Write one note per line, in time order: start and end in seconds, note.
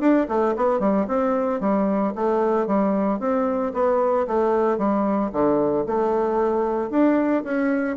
0.00 0.27 D4
0.28 0.55 A3
0.56 0.79 B3
0.79 1.06 G3
1.07 1.60 C4
1.60 2.13 G3
2.15 2.66 A3
2.66 3.20 G3
3.20 3.73 C4
3.73 4.26 B3
4.27 4.78 A3
4.78 5.31 G3
5.32 5.85 D3
5.86 6.90 A3
6.90 7.43 D4
7.44 7.96 C#4